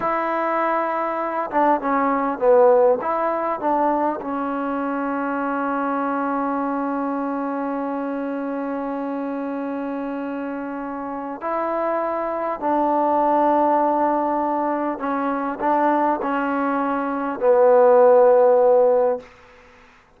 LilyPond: \new Staff \with { instrumentName = "trombone" } { \time 4/4 \tempo 4 = 100 e'2~ e'8 d'8 cis'4 | b4 e'4 d'4 cis'4~ | cis'1~ | cis'1~ |
cis'2. e'4~ | e'4 d'2.~ | d'4 cis'4 d'4 cis'4~ | cis'4 b2. | }